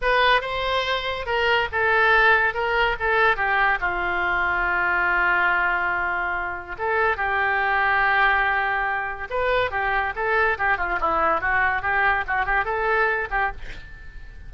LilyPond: \new Staff \with { instrumentName = "oboe" } { \time 4/4 \tempo 4 = 142 b'4 c''2 ais'4 | a'2 ais'4 a'4 | g'4 f'2.~ | f'1 |
a'4 g'2.~ | g'2 b'4 g'4 | a'4 g'8 f'8 e'4 fis'4 | g'4 fis'8 g'8 a'4. g'8 | }